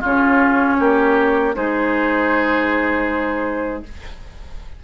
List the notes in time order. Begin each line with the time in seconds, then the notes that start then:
0.00 C#3 C#4 F4 C#5
0.79 A#3 G4
1.55 G#3 D#4 G#4 C5